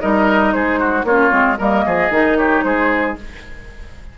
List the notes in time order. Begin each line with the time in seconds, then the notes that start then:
0.00 G3 D#4 A#4 D#5
0.52 G#3 G#4 C5
0.79 F#4
1.04 A#3 C#4 F4 C#5
1.29 G#3 C4
1.58 G3 A#3 A#4 D#5
1.86 F3 G#4
2.10 D#3 D#4
2.37 G4 C#5
2.63 G#3 G#4 C5